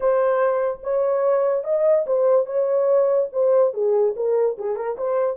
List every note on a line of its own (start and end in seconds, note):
0.00 0.80 C5
0.83 1.64 C#5
1.64 2.05 D#5
2.06 2.45 C5
2.45 3.28 C#5
3.32 3.73 C5
3.73 4.14 G#4
4.15 4.57 A#4
4.58 4.75 G#4
4.75 4.96 A#4
4.97 5.36 C5